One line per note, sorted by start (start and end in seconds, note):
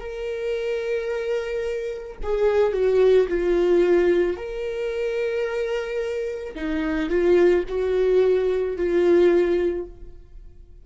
0.00 2.18 A#4
2.23 2.73 G#4
2.73 3.28 F#4
3.29 4.37 F4
4.37 6.56 A#4
6.56 7.10 D#4
7.10 7.65 F4
7.69 8.77 F#4
8.77 9.86 F4